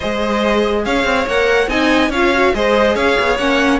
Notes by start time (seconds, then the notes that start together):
0.00 G#3 G#4 C5 D#5
0.85 C#4 C#5 F5
1.04 C4
1.26 A#3 A#4 F#5
1.67 C4 D#4 D#5 G#5
2.09 C#4 F4 C#5 F5
2.33 F#4
2.53 G#3 G#4 C5 D#5
2.95 C#4 C#5 F5
3.19 B3
3.37 A#3 C#4 F#5